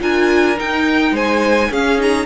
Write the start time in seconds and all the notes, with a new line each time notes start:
0.00 D4 F4 A#4 G#5
0.57 D#4 G5
1.12 G#3 C5 G#5
1.70 C#4 G#4 F5
1.99 D#4 A#5